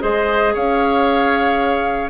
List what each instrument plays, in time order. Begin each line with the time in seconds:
0.00 bassoon G#3, clarinet G#4, oboe C5, flute D#5
0.54 bassoon C#4, oboe C#5, flute F5